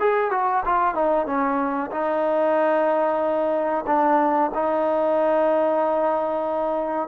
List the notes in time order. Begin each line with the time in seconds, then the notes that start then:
0.00 G#4
0.31 F#4
0.65 F4
0.95 D#4
1.26 C#4
1.91 D#4
3.87 D4
4.54 D#4